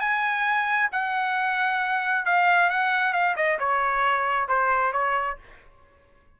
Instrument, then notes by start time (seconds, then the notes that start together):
trumpet
0.00 G#5
0.91 F#5
2.25 F5
2.69 F#5
3.13 F5
3.36 D#5
3.59 C#5
4.48 C5
4.92 C#5